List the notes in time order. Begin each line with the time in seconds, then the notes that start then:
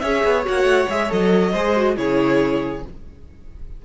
0.00 C#4 G#4 C#5 E5
0.24 B3
0.45 A#3 F#4 F#5
0.64 A3
0.89 G#3 G#4 E5
1.09 F#3 A4 D#5
1.52 G#3 G#4 C5
1.76 F#4
1.97 C#3 E4 G#4 C#5